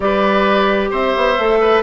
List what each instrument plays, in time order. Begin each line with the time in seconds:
0.00 bassoon G3, clarinet G4, oboe B4, flute D5
0.90 bassoon C4, oboe C5, flute E5
1.16 bassoon B3
1.38 bassoon A3, clarinet A4
1.60 oboe B4